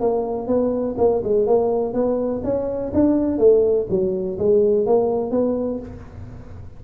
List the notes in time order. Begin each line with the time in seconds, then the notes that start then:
0.00 A#3
0.47 B3
0.98 A#3
1.24 G#3
1.47 A#3
1.94 B3
2.44 C#4
2.94 D4
3.38 A3
3.90 F#3
4.38 G#3
4.86 A#3
5.31 B3